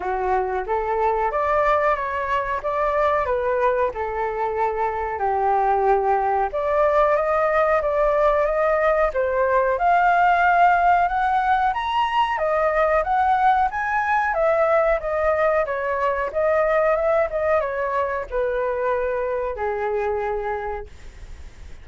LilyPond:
\new Staff \with { instrumentName = "flute" } { \time 4/4 \tempo 4 = 92 fis'4 a'4 d''4 cis''4 | d''4 b'4 a'2 | g'2 d''4 dis''4 | d''4 dis''4 c''4 f''4~ |
f''4 fis''4 ais''4 dis''4 | fis''4 gis''4 e''4 dis''4 | cis''4 dis''4 e''8 dis''8 cis''4 | b'2 gis'2 | }